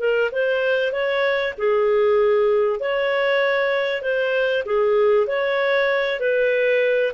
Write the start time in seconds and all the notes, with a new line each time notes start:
0.00 A#4
0.32 C5
0.92 C#5
1.58 G#4
2.80 C#5
4.02 C5
4.66 G#4
5.27 C#5
6.20 B4